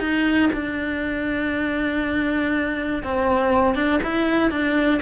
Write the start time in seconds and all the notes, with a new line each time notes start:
0.00 D#4
0.53 D4
3.04 C4
3.75 D4
4.04 E4
4.51 D4